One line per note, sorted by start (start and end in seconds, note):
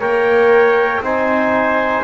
0.00 1.00 A#3
0.00 1.02 A#4
0.00 1.02 C#5
0.00 1.03 G5
1.00 2.02 C4
1.00 2.04 D#4
1.00 2.04 C5
1.00 2.04 G#5